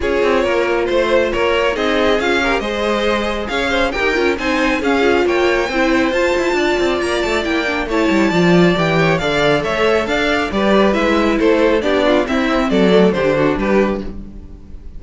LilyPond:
<<
  \new Staff \with { instrumentName = "violin" } { \time 4/4 \tempo 4 = 137 cis''2 c''4 cis''4 | dis''4 f''4 dis''2 | f''4 g''4 gis''4 f''4 | g''2 a''2 |
ais''8 a''8 g''4 a''2 | g''4 f''4 e''4 f''4 | d''4 e''4 c''4 d''4 | e''4 d''4 c''4 b'4 | }
  \new Staff \with { instrumentName = "violin" } { \time 4/4 gis'4 ais'4 c''4 ais'4 | gis'4. ais'8 c''2 | cis''8 c''8 ais'4 c''4 gis'4 | cis''4 c''2 d''4~ |
d''2 cis''4 d''4~ | d''8 cis''8 d''4 cis''4 d''4 | b'2 a'4 g'8 f'8 | e'4 a'4 g'8 fis'8 g'4 | }
  \new Staff \with { instrumentName = "viola" } { \time 4/4 f'1 | dis'4 f'8 g'8 gis'2~ | gis'4 g'8 f'8 dis'4 cis'8 f'8~ | f'4 e'4 f'2~ |
f'4 e'8 d'8 e'4 f'4 | g'4 a'2. | g'4 e'2 d'4 | c'4. a8 d'2 | }
  \new Staff \with { instrumentName = "cello" } { \time 4/4 cis'8 c'8 ais4 a4 ais4 | c'4 cis'4 gis2 | cis'4 dis'8 cis'8 c'4 cis'4 | ais4 c'4 f'8 e'8 d'8 c'8 |
ais8 a8 ais4 a8 g8 f4 | e4 d4 a4 d'4 | g4 gis4 a4 b4 | c'4 fis4 d4 g4 | }
>>